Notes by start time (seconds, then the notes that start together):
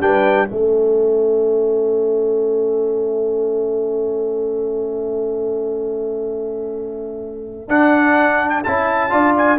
0.00 G3 D4 B4 G5
0.48 A3 C#4 A4 E5
7.67 D4 F#5
8.50 G5
8.63 C#4 E4 A5
9.10 D4 F4 D5
9.37 G#5